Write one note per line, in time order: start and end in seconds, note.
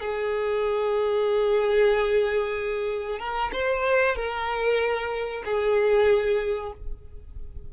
0.00 3.19 G#4
3.19 3.51 A#4
3.53 4.15 C5
4.15 5.43 A#4
5.45 6.72 G#4